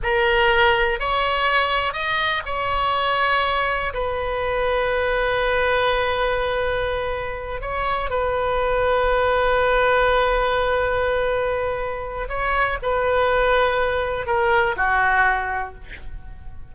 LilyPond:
\new Staff \with { instrumentName = "oboe" } { \time 4/4 \tempo 4 = 122 ais'2 cis''2 | dis''4 cis''2. | b'1~ | b'2.~ b'8 cis''8~ |
cis''8 b'2.~ b'8~ | b'1~ | b'4 cis''4 b'2~ | b'4 ais'4 fis'2 | }